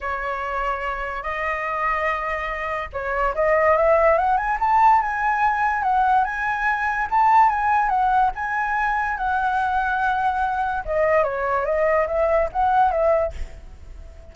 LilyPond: \new Staff \with { instrumentName = "flute" } { \time 4/4 \tempo 4 = 144 cis''2. dis''4~ | dis''2. cis''4 | dis''4 e''4 fis''8 gis''8 a''4 | gis''2 fis''4 gis''4~ |
gis''4 a''4 gis''4 fis''4 | gis''2 fis''2~ | fis''2 dis''4 cis''4 | dis''4 e''4 fis''4 e''4 | }